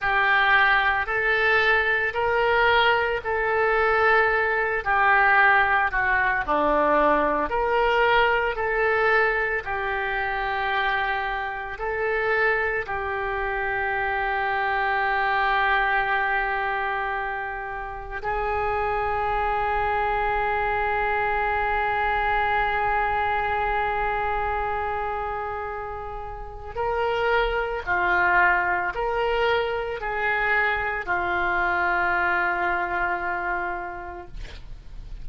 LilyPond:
\new Staff \with { instrumentName = "oboe" } { \time 4/4 \tempo 4 = 56 g'4 a'4 ais'4 a'4~ | a'8 g'4 fis'8 d'4 ais'4 | a'4 g'2 a'4 | g'1~ |
g'4 gis'2.~ | gis'1~ | gis'4 ais'4 f'4 ais'4 | gis'4 f'2. | }